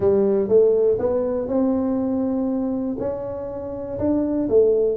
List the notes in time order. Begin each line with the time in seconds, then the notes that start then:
0.00 G3
0.48 A3
0.98 B3
1.48 C4
2.99 C#4
3.98 D4
4.49 A3